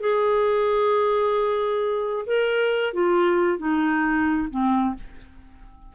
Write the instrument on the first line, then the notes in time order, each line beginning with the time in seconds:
clarinet
0.00 G#4
2.26 A#4
2.94 F4
3.58 D#4
4.50 C4